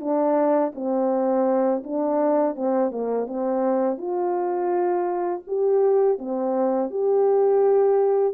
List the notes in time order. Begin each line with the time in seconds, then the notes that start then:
0.00 D4
0.75 C4
1.84 D4
2.55 C4
2.91 A#3
3.27 C4
3.98 F4
5.47 G4
6.18 C4
6.90 G4